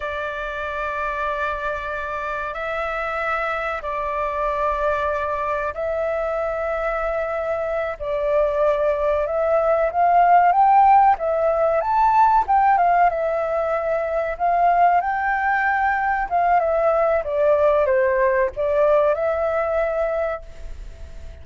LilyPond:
\new Staff \with { instrumentName = "flute" } { \time 4/4 \tempo 4 = 94 d''1 | e''2 d''2~ | d''4 e''2.~ | e''8 d''2 e''4 f''8~ |
f''8 g''4 e''4 a''4 g''8 | f''8 e''2 f''4 g''8~ | g''4. f''8 e''4 d''4 | c''4 d''4 e''2 | }